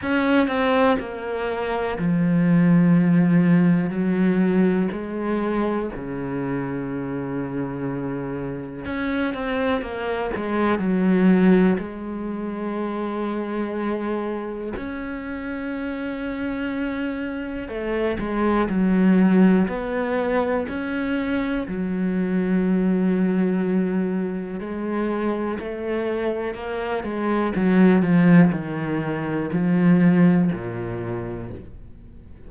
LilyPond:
\new Staff \with { instrumentName = "cello" } { \time 4/4 \tempo 4 = 61 cis'8 c'8 ais4 f2 | fis4 gis4 cis2~ | cis4 cis'8 c'8 ais8 gis8 fis4 | gis2. cis'4~ |
cis'2 a8 gis8 fis4 | b4 cis'4 fis2~ | fis4 gis4 a4 ais8 gis8 | fis8 f8 dis4 f4 ais,4 | }